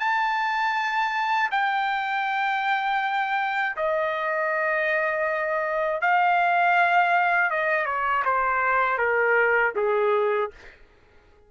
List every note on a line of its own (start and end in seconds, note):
0.00 1.50 A5
1.51 3.76 G5
3.77 6.01 D#5
6.01 7.51 F5
7.51 7.86 D#5
7.86 8.24 C#5
8.25 8.98 C5
8.98 9.73 A#4
9.76 10.51 G#4